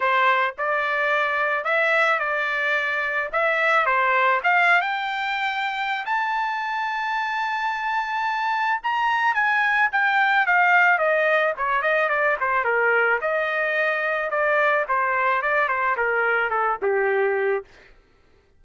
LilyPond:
\new Staff \with { instrumentName = "trumpet" } { \time 4/4 \tempo 4 = 109 c''4 d''2 e''4 | d''2 e''4 c''4 | f''8. g''2~ g''16 a''4~ | a''1 |
ais''4 gis''4 g''4 f''4 | dis''4 cis''8 dis''8 d''8 c''8 ais'4 | dis''2 d''4 c''4 | d''8 c''8 ais'4 a'8 g'4. | }